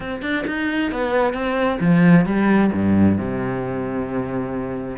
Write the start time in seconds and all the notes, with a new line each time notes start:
0.00 C4
0.22 D4
0.46 D#4
0.91 B3
1.33 C4
1.80 F3
2.25 G3
2.72 G2
3.18 C3